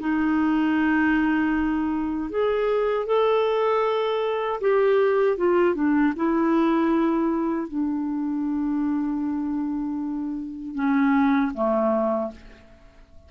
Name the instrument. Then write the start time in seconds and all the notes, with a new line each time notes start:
clarinet
0.00 D#4
2.30 G#4
3.07 A4
4.61 G4
5.38 F4
5.75 D4
6.17 E4
7.69 D4
10.76 C#4
11.55 A3